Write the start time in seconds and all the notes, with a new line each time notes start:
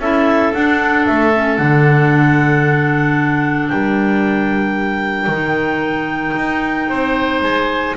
0.00 C#4 E4 A4 E5
0.54 D4 F#5
1.07 A3 E5
1.35 C#4
1.57 D3 D4 F#5
3.69 G3 A#4 G5
5.27 D#3 D#4
6.36 D#4
6.90 C4 C5
7.41 G#3 G#5